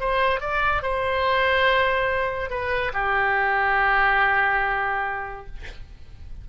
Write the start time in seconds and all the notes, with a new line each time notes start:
0.00 C5
0.40 D5
0.82 C5
2.50 B4
2.93 G4